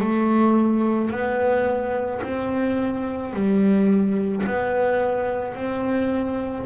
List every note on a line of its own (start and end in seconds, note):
0.00 1.10 A3
1.10 2.21 B3
2.23 3.33 C4
3.33 4.44 G3
4.46 5.55 B3
5.55 6.66 C4